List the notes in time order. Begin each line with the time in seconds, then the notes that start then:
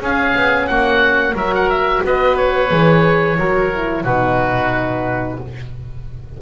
0.00 C#4 G#4 F5
0.35 B3
0.67 A#3 F#4 F#5
1.34 F#3 F#4 A#4 E5
1.55 F#5
1.70 E5
2.05 B3 B4 D#5
2.37 C#5
2.70 E3 G#4
3.38 F#3 F#4 A#4
3.73 E4
4.03 B2 D#4 F#4 B4